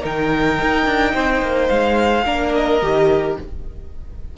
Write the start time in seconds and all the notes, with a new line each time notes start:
0.00 D#3 D#4 A#4 G5
0.62 D#4
0.86 D4
1.14 C4 C5
1.42 A#3
1.69 G#3 F5
2.26 A#3 D4 A#4
2.54 D#5
2.82 D#3 G4